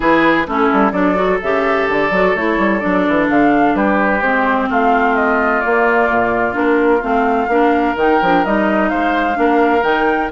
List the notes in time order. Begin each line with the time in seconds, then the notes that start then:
0.00 E3 E4 G#4 B4
0.46 A3 C#4 E4 A4
0.73 G3
0.91 F#3 D4 A4 D5
1.15 F#4
1.42 C#3 G4 E5
1.88 D3 D5
2.10 F#3 F#4
2.35 A3 E4 C#5
2.57 G3
2.79 F#3 D4 D5
3.08 E3
3.29 D3 F5
3.74 G3 G4 B4
4.21 G#3 C4 C5
4.69 A3 F4 F5
5.15 D#5
5.60 A#3 D5
6.10 A#2
6.52 A#3 D4 A#4
7.01 A3 C4 F5
7.47 A#3 D4 A#4
7.96 D#3 D#4 G5
8.21 F3 D4
8.44 G3 D#4 D#5
8.89 G#3 C5 F5
9.33 A#3 D4
9.39 A#4
9.82 D#3 D#4 G5